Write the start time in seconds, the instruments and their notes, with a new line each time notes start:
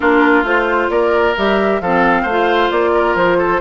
0.00 bassoon A#3, clarinet D4, oboe F4, flute A#4
0.42 bassoon A3, clarinet F4, flute C5
0.89 bassoon A#3, oboe A#4, flute D5
1.37 bassoon G3, clarinet G4, flute E5
1.80 bassoon F3, clarinet C4, oboe A4, flute F5
2.22 bassoon A3, oboe C5
2.30 clarinet F4
2.70 bassoon A#3, flute D5
2.94 oboe A#4
3.14 bassoon F3, flute C5
3.38 oboe A4